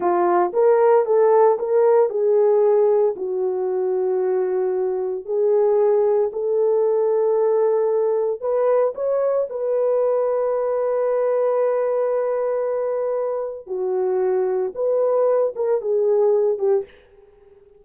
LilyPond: \new Staff \with { instrumentName = "horn" } { \time 4/4 \tempo 4 = 114 f'4 ais'4 a'4 ais'4 | gis'2 fis'2~ | fis'2 gis'2 | a'1 |
b'4 cis''4 b'2~ | b'1~ | b'2 fis'2 | b'4. ais'8 gis'4. g'8 | }